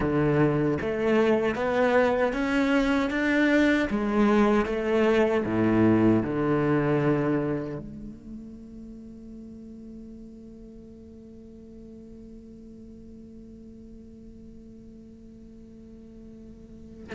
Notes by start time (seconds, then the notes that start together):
0.00 D3
0.81 A3
1.55 B3
2.33 C#4
3.10 D4
3.90 G#3
4.65 A3
5.44 A2
6.22 D3
7.78 A3